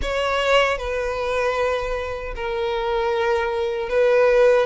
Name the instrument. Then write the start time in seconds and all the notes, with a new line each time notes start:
violin
0.02 C#5
0.78 B4
2.35 A#4
3.89 B4